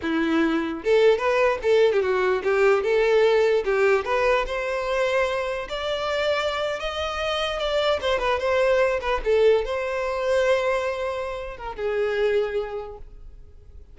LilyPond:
\new Staff \with { instrumentName = "violin" } { \time 4/4 \tempo 4 = 148 e'2 a'4 b'4 | a'8. g'16 fis'4 g'4 a'4~ | a'4 g'4 b'4 c''4~ | c''2 d''2~ |
d''8. dis''2 d''4 c''16~ | c''16 b'8 c''4. b'8 a'4 c''16~ | c''1~ | c''8 ais'8 gis'2. | }